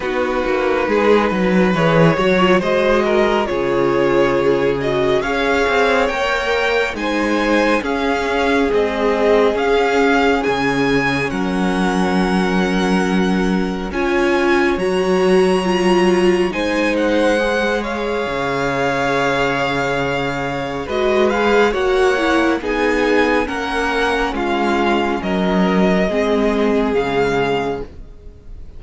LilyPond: <<
  \new Staff \with { instrumentName = "violin" } { \time 4/4 \tempo 4 = 69 b'2 cis''4 dis''4 | cis''4. dis''8 f''4 g''4 | gis''4 f''4 dis''4 f''4 | gis''4 fis''2. |
gis''4 ais''2 gis''8 fis''8~ | fis''8 f''2.~ f''8 | dis''8 f''8 fis''4 gis''4 fis''4 | f''4 dis''2 f''4 | }
  \new Staff \with { instrumentName = "violin" } { \time 4/4 fis'4 gis'8 b'4 cis''8 c''8 ais'8 | gis'2 cis''2 | c''4 gis'2.~ | gis'4 ais'2. |
cis''2. c''4~ | c''8 cis''2.~ cis''8 | b'4 cis''4 gis'4 ais'4 | f'4 ais'4 gis'2 | }
  \new Staff \with { instrumentName = "viola" } { \time 4/4 dis'2 gis'8 fis'16 f'16 fis'4 | f'4. fis'8 gis'4 ais'4 | dis'4 cis'4 gis4 cis'4~ | cis'1 |
f'4 fis'4 f'4 dis'4 | gis'1 | fis'8 gis'8 fis'8 e'8 dis'4 cis'4~ | cis'2 c'4 gis4 | }
  \new Staff \with { instrumentName = "cello" } { \time 4/4 b8 ais8 gis8 fis8 e8 fis8 gis4 | cis2 cis'8 c'8 ais4 | gis4 cis'4 c'4 cis'4 | cis4 fis2. |
cis'4 fis2 gis4~ | gis4 cis2. | gis4 ais4 b4 ais4 | gis4 fis4 gis4 cis4 | }
>>